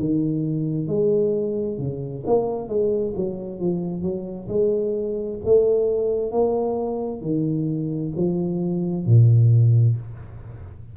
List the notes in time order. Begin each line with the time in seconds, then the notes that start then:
0.00 D#3
0.88 G#3
1.79 C#3
2.26 A#3
2.69 G#3
3.16 F#3
3.60 F3
4.02 F#3
4.49 G#3
5.45 A3
6.31 A#3
7.21 D#3
8.17 F3
9.06 A#2